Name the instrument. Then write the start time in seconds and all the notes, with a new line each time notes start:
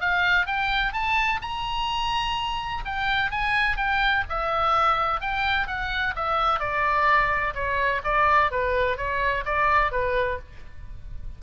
oboe
0.00 F5
0.46 G5
0.92 A5
1.41 A#5
2.85 G5
3.30 G#5
3.76 G5
4.29 E5
5.21 G5
5.67 F#5
6.15 E5
6.59 D5
7.54 C#5
8.04 D5
8.51 B4
8.97 C#5
9.45 D5
9.91 B4